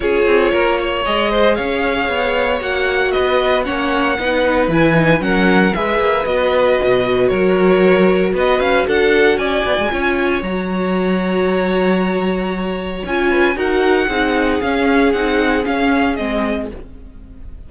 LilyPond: <<
  \new Staff \with { instrumentName = "violin" } { \time 4/4 \tempo 4 = 115 cis''2 dis''4 f''4~ | f''4 fis''4 dis''4 fis''4~ | fis''4 gis''4 fis''4 e''4 | dis''2 cis''2 |
dis''8 f''8 fis''4 gis''2 | ais''1~ | ais''4 gis''4 fis''2 | f''4 fis''4 f''4 dis''4 | }
  \new Staff \with { instrumentName = "violin" } { \time 4/4 gis'4 ais'8 cis''4 c''8 cis''4~ | cis''2 b'4 cis''4 | b'2 ais'4 b'4~ | b'2 ais'2 |
b'4 a'4 d''4 cis''4~ | cis''1~ | cis''4. b'8 ais'4 gis'4~ | gis'1 | }
  \new Staff \with { instrumentName = "viola" } { \time 4/4 f'2 gis'2~ | gis'4 fis'2 cis'4 | dis'4 e'8 dis'8 cis'4 gis'4 | fis'1~ |
fis'2. f'4 | fis'1~ | fis'4 f'4 fis'4 dis'4 | cis'4 dis'4 cis'4 c'4 | }
  \new Staff \with { instrumentName = "cello" } { \time 4/4 cis'8 c'8 ais4 gis4 cis'4 | b4 ais4 b4 ais4 | b4 e4 fis4 gis8 ais8 | b4 b,4 fis2 |
b8 cis'8 d'4 cis'8 b16 gis16 cis'4 | fis1~ | fis4 cis'4 dis'4 c'4 | cis'4 c'4 cis'4 gis4 | }
>>